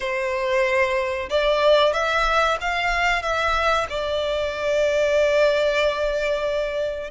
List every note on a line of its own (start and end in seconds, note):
0.00 1.29 C5
1.29 1.93 D5
1.93 2.57 E5
2.60 3.22 F5
3.22 3.87 E5
3.89 7.10 D5